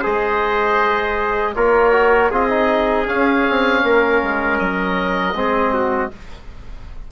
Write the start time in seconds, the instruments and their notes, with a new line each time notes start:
0.00 trombone G#4, trumpet C5
0.06 bassoon G#3, oboe D#5
1.55 bassoon A#3, trombone F4, trumpet A#4, oboe C#5
1.92 trombone F#4
2.31 bassoon C4, trombone F4, trumpet G#4, oboe D#5
2.50 trombone D#4
3.06 trombone C#4, bassoon C#4, oboe F5
3.49 bassoon C4
3.83 bassoon A#3, trumpet A#4
4.23 bassoon G#3
4.59 bassoon F#3, oboe D#5
5.35 bassoon G#3, trombone C4, trumpet G#4
5.74 trumpet F#4